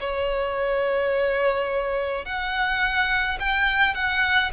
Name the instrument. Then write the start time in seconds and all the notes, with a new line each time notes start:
violin
0.00 C#5
2.25 F#5
3.40 G5
3.94 F#5